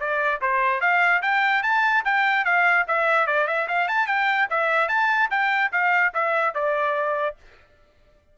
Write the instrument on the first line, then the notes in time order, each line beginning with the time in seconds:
trumpet
0.00 D5
0.41 C5
0.81 F5
1.22 G5
1.63 A5
2.05 G5
2.45 F5
2.87 E5
3.26 D5
3.47 E5
3.68 F5
3.88 A5
4.07 G5
4.50 E5
4.88 A5
5.30 G5
5.72 F5
6.14 E5
6.54 D5